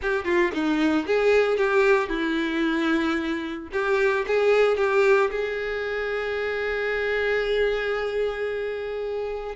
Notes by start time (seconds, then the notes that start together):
0.02 G4
0.24 F4
0.53 D#4
1.06 G#4
1.57 G4
2.09 E4
3.72 G4
4.27 G#4
4.77 G4
5.30 G#4